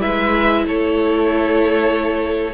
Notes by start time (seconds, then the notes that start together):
0.00 G#3 E4 B4 E5
0.66 A3 A4 C#5